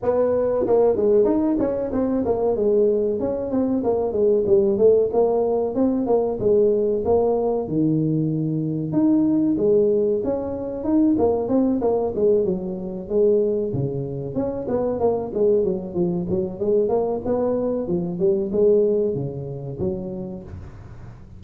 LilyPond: \new Staff \with { instrumentName = "tuba" } { \time 4/4 \tempo 4 = 94 b4 ais8 gis8 dis'8 cis'8 c'8 ais8 | gis4 cis'8 c'8 ais8 gis8 g8 a8 | ais4 c'8 ais8 gis4 ais4 | dis2 dis'4 gis4 |
cis'4 dis'8 ais8 c'8 ais8 gis8 fis8~ | fis8 gis4 cis4 cis'8 b8 ais8 | gis8 fis8 f8 fis8 gis8 ais8 b4 | f8 g8 gis4 cis4 fis4 | }